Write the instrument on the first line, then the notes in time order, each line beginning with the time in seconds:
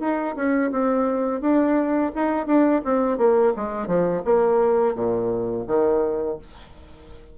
bassoon
0.00 D#4
0.36 C#4
0.72 C4
1.41 D4
2.15 D#4
2.46 D4
2.85 C4
3.18 A#3
3.57 G#3
3.87 F3
4.25 A#3
4.95 A#2
5.68 D#3